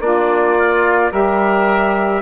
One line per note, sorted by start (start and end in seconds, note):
0.00 1.11 A#3
0.00 0.57 D4
0.00 1.10 F4
0.00 1.12 D5
0.58 1.11 F4
1.10 2.22 G3
1.10 2.22 G4
1.10 2.22 A#4
1.10 2.22 E5